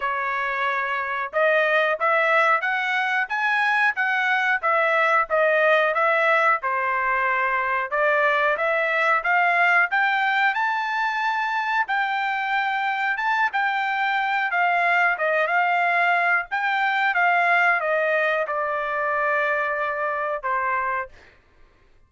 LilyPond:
\new Staff \with { instrumentName = "trumpet" } { \time 4/4 \tempo 4 = 91 cis''2 dis''4 e''4 | fis''4 gis''4 fis''4 e''4 | dis''4 e''4 c''2 | d''4 e''4 f''4 g''4 |
a''2 g''2 | a''8 g''4. f''4 dis''8 f''8~ | f''4 g''4 f''4 dis''4 | d''2. c''4 | }